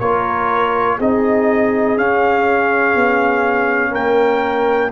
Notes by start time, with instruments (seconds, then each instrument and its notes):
0.00 tuba A#3, trombone F4, horn A#4, trumpet C#5
0.98 tuba C4, trombone D#4, horn G#4, trumpet D#5
1.97 tuba C#4, trombone C#4, trumpet F5
2.95 tuba B3
3.91 tuba A#3, horn A#4, trumpet G5